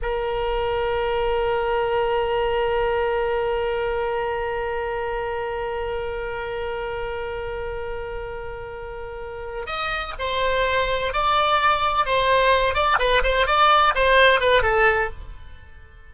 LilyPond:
\new Staff \with { instrumentName = "oboe" } { \time 4/4 \tempo 4 = 127 ais'1~ | ais'1~ | ais'1~ | ais'1~ |
ais'1~ | ais'8 dis''4 c''2 d''8~ | d''4. c''4. d''8 b'8 | c''8 d''4 c''4 b'8 a'4 | }